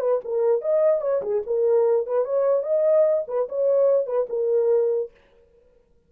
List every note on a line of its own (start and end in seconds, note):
0.00 0.20 B4
0.24 0.61 A#4
0.61 1.01 D#5
1.01 1.22 C#5
1.22 1.42 G#4
1.46 2.06 A#4
2.06 2.25 B4
2.25 2.63 C#5
2.63 3.24 D#5
3.27 3.48 B4
3.49 4.06 C#5
4.06 4.27 B4
4.29 5.11 A#4